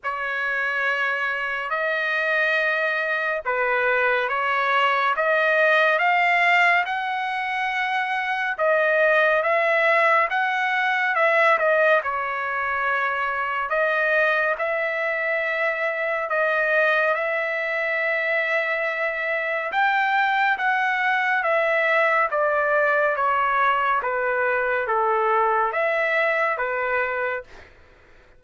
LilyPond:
\new Staff \with { instrumentName = "trumpet" } { \time 4/4 \tempo 4 = 70 cis''2 dis''2 | b'4 cis''4 dis''4 f''4 | fis''2 dis''4 e''4 | fis''4 e''8 dis''8 cis''2 |
dis''4 e''2 dis''4 | e''2. g''4 | fis''4 e''4 d''4 cis''4 | b'4 a'4 e''4 b'4 | }